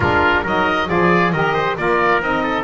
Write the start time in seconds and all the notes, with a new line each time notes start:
0.00 G#3 D4 F4 A#4
0.43 F#3 D#4 A#4 D#5
0.87 F3 F4 G#4 D5
1.32 D#3 G4 A#4 D#5
1.54 C5
1.76 A#3 F4 A#4 D5
2.21 C4 D#4 D#5
2.43 A4